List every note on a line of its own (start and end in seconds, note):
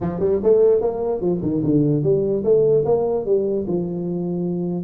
0.00 0.19 F3
0.19 0.40 G3
0.43 0.81 A3
0.81 1.20 A#3
1.20 1.41 F3
1.42 1.62 D#3
1.63 2.03 D3
2.03 2.43 G3
2.43 2.84 A3
2.85 3.25 A#3
3.25 3.66 G3
3.67 4.84 F3